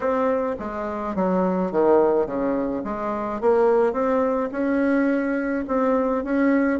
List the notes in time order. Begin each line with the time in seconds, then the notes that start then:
0.00 C4
0.59 G#3
1.15 F#3
1.71 D#3
2.26 C#3
2.84 G#3
3.40 A#3
3.92 C4
4.51 C#4
5.67 C4
6.23 C#4